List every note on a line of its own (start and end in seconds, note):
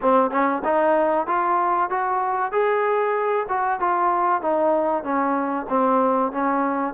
0.01 0.30 C4
0.30 0.62 C#4
0.64 1.26 D#4
1.26 1.89 F4
1.89 2.51 F#4
2.51 3.46 G#4
3.48 3.80 F#4
3.80 4.41 F4
4.41 5.03 D#4
5.03 5.66 C#4
5.69 6.32 C4
6.32 6.94 C#4